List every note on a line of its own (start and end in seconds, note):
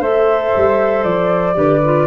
0.00 0.53 A3
0.00 1.54 A4
0.00 1.56 C5
0.00 1.04 E5
0.56 1.04 G3
1.04 1.56 F3
1.04 2.07 D5
1.54 2.07 D3
1.54 1.80 G4
1.54 2.07 B4
1.85 2.07 F4